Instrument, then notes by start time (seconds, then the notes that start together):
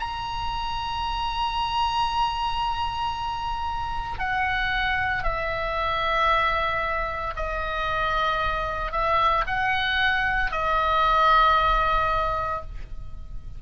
oboe
0.00 A#5
4.20 F#5
5.24 E5
7.36 D#5
8.92 E5
9.47 F#5
10.52 D#5